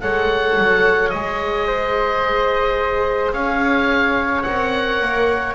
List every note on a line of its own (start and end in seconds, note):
0.00 0.58 G#3
0.00 1.12 A4
0.00 1.66 C#5
0.00 1.09 F#5
0.58 1.14 F#3
1.09 3.32 G#3
1.09 4.47 G#4
1.09 3.31 D#5
1.66 3.33 C5
3.32 4.44 C#4
3.32 5.55 C#5
3.32 4.42 F5
4.42 5.01 C4
4.42 5.55 A#4
4.42 5.53 F#5
5.01 5.55 A#3